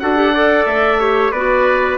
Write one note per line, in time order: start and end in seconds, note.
0.00 0.66 D4
0.00 0.16 F#4
0.00 0.35 A4
0.00 0.66 F#5
0.16 0.33 G4
0.35 1.00 A4
0.35 1.00 D5
0.66 1.32 A3
0.66 1.32 E5
1.00 1.33 G4
1.00 1.32 C#5
1.32 1.98 B3
1.32 1.98 F#4
1.32 1.98 B4
1.32 1.98 D5